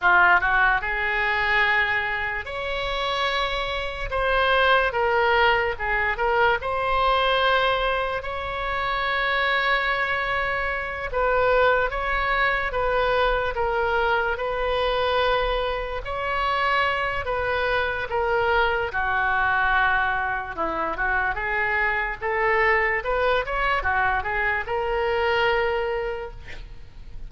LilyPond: \new Staff \with { instrumentName = "oboe" } { \time 4/4 \tempo 4 = 73 f'8 fis'8 gis'2 cis''4~ | cis''4 c''4 ais'4 gis'8 ais'8 | c''2 cis''2~ | cis''4. b'4 cis''4 b'8~ |
b'8 ais'4 b'2 cis''8~ | cis''4 b'4 ais'4 fis'4~ | fis'4 e'8 fis'8 gis'4 a'4 | b'8 cis''8 fis'8 gis'8 ais'2 | }